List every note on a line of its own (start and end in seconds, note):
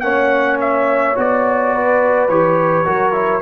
0.00 1.14 A#3
0.00 1.15 C#4
0.00 1.74 C#5
0.00 0.57 F#5
0.60 1.17 E5
1.15 2.28 B3
1.15 2.28 F#4
1.15 2.29 D5
1.74 2.86 B4
2.28 2.85 E3
2.28 2.84 G4
2.28 3.41 C#5
2.84 3.41 F#3
2.84 3.12 F#4
2.84 3.41 A#4
3.12 3.41 E4